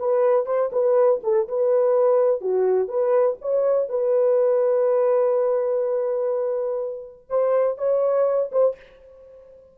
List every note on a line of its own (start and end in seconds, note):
0.00 0.46 B4
0.46 0.71 C5
0.73 1.22 B4
1.24 1.48 A4
1.49 2.41 B4
2.41 2.88 F#4
2.88 3.37 B4
3.41 3.90 C#5
3.90 7.30 B4
7.30 7.78 C5
7.78 8.51 C#5
8.52 8.76 C5